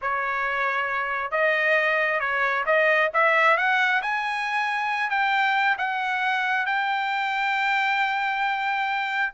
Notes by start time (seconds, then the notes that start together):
0.01 C#5
1.31 D#5
2.20 C#5
2.66 D#5
3.13 E5
3.57 F#5
4.02 G#5
5.09 G5
5.78 F#5
6.66 G5